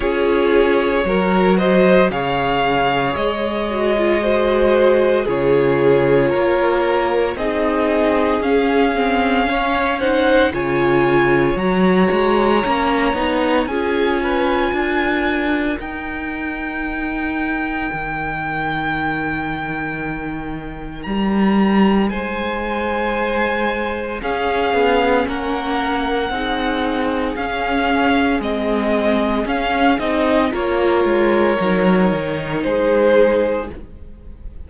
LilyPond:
<<
  \new Staff \with { instrumentName = "violin" } { \time 4/4 \tempo 4 = 57 cis''4. dis''8 f''4 dis''4~ | dis''4 cis''2 dis''4 | f''4. fis''8 gis''4 ais''4~ | ais''4 gis''2 g''4~ |
g''1 | ais''4 gis''2 f''4 | fis''2 f''4 dis''4 | f''8 dis''8 cis''2 c''4 | }
  \new Staff \with { instrumentName = "violin" } { \time 4/4 gis'4 ais'8 c''8 cis''2 | c''4 gis'4 ais'4 gis'4~ | gis'4 cis''8 c''8 cis''2~ | cis''4 gis'8 b'8 ais'2~ |
ais'1~ | ais'4 c''2 gis'4 | ais'4 gis'2.~ | gis'4 ais'2 gis'4 | }
  \new Staff \with { instrumentName = "viola" } { \time 4/4 f'4 fis'4 gis'4. fis'16 f'16 | fis'4 f'2 dis'4 | cis'8 c'8 cis'8 dis'8 f'4 fis'4 | cis'8 dis'8 f'2 dis'4~ |
dis'1~ | dis'2. cis'4~ | cis'4 dis'4 cis'4 c'4 | cis'8 dis'8 f'4 dis'2 | }
  \new Staff \with { instrumentName = "cello" } { \time 4/4 cis'4 fis4 cis4 gis4~ | gis4 cis4 ais4 c'4 | cis'2 cis4 fis8 gis8 | ais8 b8 cis'4 d'4 dis'4~ |
dis'4 dis2. | g4 gis2 cis'8 b8 | ais4 c'4 cis'4 gis4 | cis'8 c'8 ais8 gis8 fis8 dis8 gis4 | }
>>